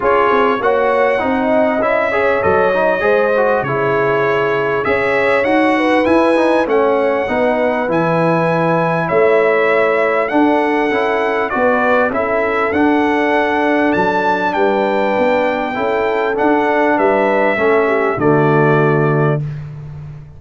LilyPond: <<
  \new Staff \with { instrumentName = "trumpet" } { \time 4/4 \tempo 4 = 99 cis''4 fis''2 e''4 | dis''2 cis''2 | e''4 fis''4 gis''4 fis''4~ | fis''4 gis''2 e''4~ |
e''4 fis''2 d''4 | e''4 fis''2 a''4 | g''2. fis''4 | e''2 d''2 | }
  \new Staff \with { instrumentName = "horn" } { \time 4/4 gis'4 cis''4 dis''4. cis''8~ | cis''4 c''4 gis'2 | cis''4. b'4. cis''4 | b'2. cis''4~ |
cis''4 a'2 b'4 | a'1 | b'2 a'2 | b'4 a'8 g'8 fis'2 | }
  \new Staff \with { instrumentName = "trombone" } { \time 4/4 f'4 fis'4 dis'4 e'8 gis'8 | a'8 dis'8 gis'8 fis'8 e'2 | gis'4 fis'4 e'8 dis'8 cis'4 | dis'4 e'2.~ |
e'4 d'4 e'4 fis'4 | e'4 d'2.~ | d'2 e'4 d'4~ | d'4 cis'4 a2 | }
  \new Staff \with { instrumentName = "tuba" } { \time 4/4 cis'8 c'8 ais4 c'4 cis'4 | fis4 gis4 cis2 | cis'4 dis'4 e'4 a4 | b4 e2 a4~ |
a4 d'4 cis'4 b4 | cis'4 d'2 fis4 | g4 b4 cis'4 d'4 | g4 a4 d2 | }
>>